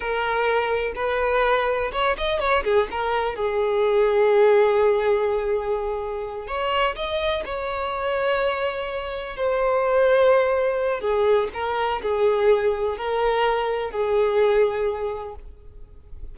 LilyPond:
\new Staff \with { instrumentName = "violin" } { \time 4/4 \tempo 4 = 125 ais'2 b'2 | cis''8 dis''8 cis''8 gis'8 ais'4 gis'4~ | gis'1~ | gis'4. cis''4 dis''4 cis''8~ |
cis''2.~ cis''8 c''8~ | c''2. gis'4 | ais'4 gis'2 ais'4~ | ais'4 gis'2. | }